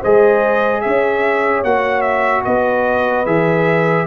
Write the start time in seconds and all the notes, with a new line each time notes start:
0.00 G#3 G#4 C5 D#5
0.81 C#4 C#5 E5
1.64 A#3 F#4 F#5
2.01 E5
2.44 B3 B4 D#5
3.26 E3 G#4 E5